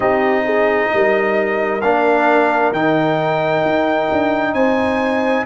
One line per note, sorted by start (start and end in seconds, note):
0.00 0.90 C4
0.00 1.81 D#4
0.00 0.44 G4
0.00 1.81 D#5
0.45 0.90 G#4
0.93 1.81 G3
0.93 4.53 A#4
1.81 2.72 A#3
1.81 2.73 D4
1.81 2.72 F5
2.72 3.62 D#3
2.72 5.45 D#4
2.72 4.54 G5
3.65 4.10 D#4
4.11 4.53 D4
4.53 5.44 C4
4.53 5.44 C5
4.53 5.45 G#5